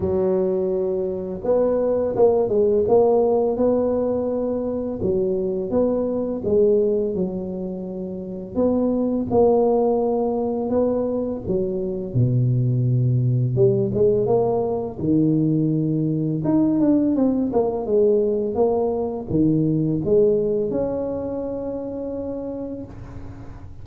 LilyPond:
\new Staff \with { instrumentName = "tuba" } { \time 4/4 \tempo 4 = 84 fis2 b4 ais8 gis8 | ais4 b2 fis4 | b4 gis4 fis2 | b4 ais2 b4 |
fis4 b,2 g8 gis8 | ais4 dis2 dis'8 d'8 | c'8 ais8 gis4 ais4 dis4 | gis4 cis'2. | }